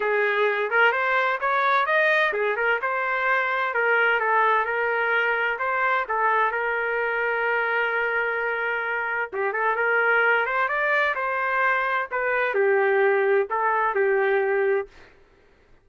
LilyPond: \new Staff \with { instrumentName = "trumpet" } { \time 4/4 \tempo 4 = 129 gis'4. ais'8 c''4 cis''4 | dis''4 gis'8 ais'8 c''2 | ais'4 a'4 ais'2 | c''4 a'4 ais'2~ |
ais'1 | g'8 a'8 ais'4. c''8 d''4 | c''2 b'4 g'4~ | g'4 a'4 g'2 | }